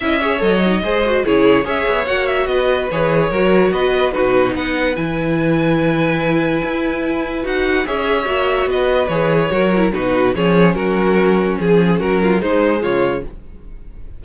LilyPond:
<<
  \new Staff \with { instrumentName = "violin" } { \time 4/4 \tempo 4 = 145 e''4 dis''2 cis''4 | e''4 fis''8 e''8 dis''4 cis''4~ | cis''4 dis''4 b'4 fis''4 | gis''1~ |
gis''2 fis''4 e''4~ | e''4 dis''4 cis''2 | b'4 cis''4 ais'2 | gis'4 ais'4 c''4 cis''4 | }
  \new Staff \with { instrumentName = "violin" } { \time 4/4 dis''8 cis''4. c''4 gis'4 | cis''2 b'2 | ais'4 b'4 fis'4 b'4~ | b'1~ |
b'2. cis''4~ | cis''4 b'2 ais'4 | fis'4 gis'4 fis'2 | gis'4 fis'8 f'8 dis'4 f'4 | }
  \new Staff \with { instrumentName = "viola" } { \time 4/4 e'8 gis'8 a'8 dis'8 gis'8 fis'8 e'4 | gis'4 fis'2 gis'4 | fis'2 dis'2 | e'1~ |
e'2 fis'4 gis'4 | fis'2 gis'4 fis'8 e'8 | dis'4 cis'2.~ | cis'2 gis2 | }
  \new Staff \with { instrumentName = "cello" } { \time 4/4 cis'4 fis4 gis4 cis4 | cis'8 b8 ais4 b4 e4 | fis4 b4 b,4 b4 | e1 |
e'2 dis'4 cis'4 | ais4 b4 e4 fis4 | b,4 f4 fis2 | f4 fis4 gis4 cis4 | }
>>